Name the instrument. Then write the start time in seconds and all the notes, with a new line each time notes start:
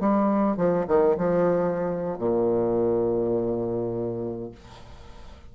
bassoon
0.00 G3
0.57 F3
0.88 D#3
1.17 F3
2.18 A#2